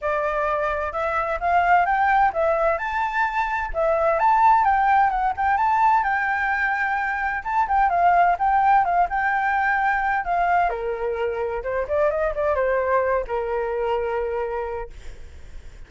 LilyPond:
\new Staff \with { instrumentName = "flute" } { \time 4/4 \tempo 4 = 129 d''2 e''4 f''4 | g''4 e''4 a''2 | e''4 a''4 g''4 fis''8 g''8 | a''4 g''2. |
a''8 g''8 f''4 g''4 f''8 g''8~ | g''2 f''4 ais'4~ | ais'4 c''8 d''8 dis''8 d''8 c''4~ | c''8 ais'2.~ ais'8 | }